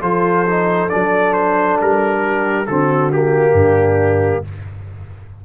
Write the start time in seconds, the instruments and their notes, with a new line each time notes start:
0.00 tuba F3, trombone F4, horn A4, trumpet C5
0.47 trombone D#4
0.89 tuba F#3, trombone D4, trumpet D5
1.33 trumpet C5
1.81 tuba G3, trumpet A#4
2.24 horn G4
2.67 tuba D3, trombone C4, horn F#4, trumpet A4
3.12 trombone A#3, trumpet G4
3.53 tuba G2, horn D4